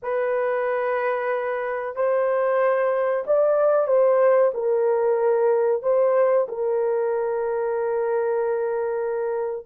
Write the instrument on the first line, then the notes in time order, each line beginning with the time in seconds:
horn
0.02 B4
1.95 C5
3.26 D5
3.87 C5
4.53 A#4
5.82 C5
6.48 A#4